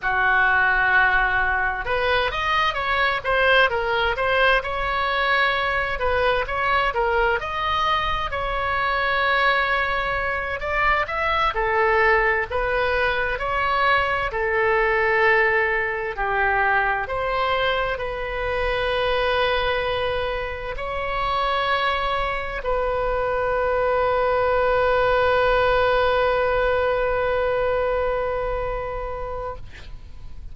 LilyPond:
\new Staff \with { instrumentName = "oboe" } { \time 4/4 \tempo 4 = 65 fis'2 b'8 dis''8 cis''8 c''8 | ais'8 c''8 cis''4. b'8 cis''8 ais'8 | dis''4 cis''2~ cis''8 d''8 | e''8 a'4 b'4 cis''4 a'8~ |
a'4. g'4 c''4 b'8~ | b'2~ b'8 cis''4.~ | cis''8 b'2.~ b'8~ | b'1 | }